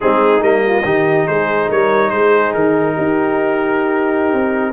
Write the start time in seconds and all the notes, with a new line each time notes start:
0.00 G#3 C4 D#4 G#4
0.40 G3 A#3 D#5
0.65 F4
0.83 D#3 D#4 G4
1.27 G#3 G#4 C5
1.68 G3 A#4 C#5
2.10 G#3 G#4 C5
2.53 D#3 A#4
2.94 D#4 G4
4.32 C4